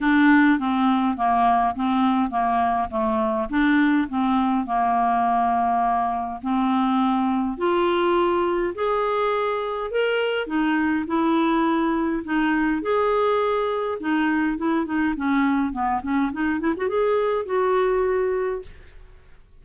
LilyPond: \new Staff \with { instrumentName = "clarinet" } { \time 4/4 \tempo 4 = 103 d'4 c'4 ais4 c'4 | ais4 a4 d'4 c'4 | ais2. c'4~ | c'4 f'2 gis'4~ |
gis'4 ais'4 dis'4 e'4~ | e'4 dis'4 gis'2 | dis'4 e'8 dis'8 cis'4 b8 cis'8 | dis'8 e'16 fis'16 gis'4 fis'2 | }